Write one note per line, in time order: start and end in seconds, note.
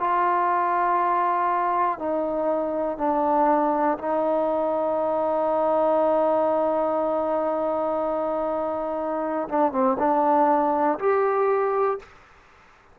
0.00 1.99 F4
1.99 2.98 D#4
2.98 3.98 D4
3.98 9.48 D#4
9.49 9.72 D4
9.72 9.97 C4
9.99 10.99 D4
10.99 11.99 G4